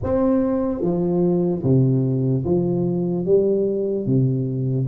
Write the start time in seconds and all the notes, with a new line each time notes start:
0.03 C4
0.81 F3
1.63 C3
2.45 F3
3.25 G3
4.05 C3